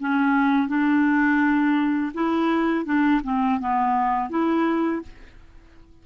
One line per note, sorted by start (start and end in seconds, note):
0.00 0.68 C#4
0.68 2.12 D4
2.14 2.85 E4
2.85 3.21 D4
3.23 3.59 C4
3.59 4.29 B3
4.29 5.02 E4